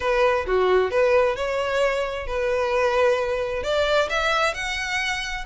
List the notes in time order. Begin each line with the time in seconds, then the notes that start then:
0.00 B4
0.46 F#4
0.90 B4
1.36 C#5
2.26 B4
3.63 D5
4.09 E5
4.54 F#5